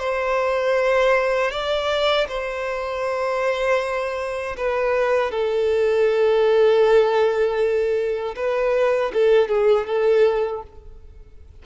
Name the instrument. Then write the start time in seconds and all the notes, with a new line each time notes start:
violin
0.00 C5
1.52 D5
2.29 C5
4.58 B4
5.32 A4
8.36 B4
9.14 A4
9.49 G#4
9.87 A4